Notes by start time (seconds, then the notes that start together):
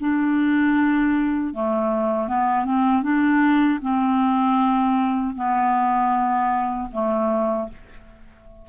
0.00 D4
1.54 A3
2.28 B3
2.65 C4
3.03 D4
3.82 C4
5.36 B3
6.92 A3